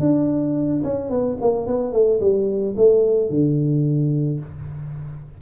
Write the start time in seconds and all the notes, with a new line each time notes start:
0.00 D4
0.84 C#4
1.10 B3
1.41 A#3
1.66 B3
1.92 A3
2.20 G3
2.76 A3
3.30 D3